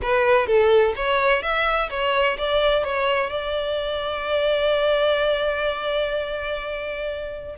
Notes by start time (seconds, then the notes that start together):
0.02 B4
0.46 A4
0.96 C#5
1.42 E5
1.89 C#5
2.37 D5
2.84 C#5
3.30 D5